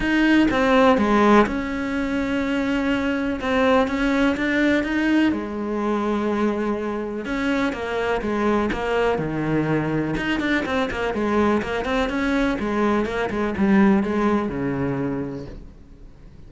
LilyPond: \new Staff \with { instrumentName = "cello" } { \time 4/4 \tempo 4 = 124 dis'4 c'4 gis4 cis'4~ | cis'2. c'4 | cis'4 d'4 dis'4 gis4~ | gis2. cis'4 |
ais4 gis4 ais4 dis4~ | dis4 dis'8 d'8 c'8 ais8 gis4 | ais8 c'8 cis'4 gis4 ais8 gis8 | g4 gis4 cis2 | }